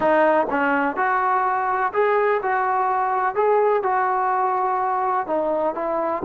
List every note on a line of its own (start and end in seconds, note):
0.00 0.47 D#4
0.50 0.96 C#4
0.96 1.92 F#4
1.93 2.41 G#4
2.42 3.35 F#4
3.35 3.82 G#4
3.82 5.26 F#4
5.27 5.74 D#4
5.74 6.22 E4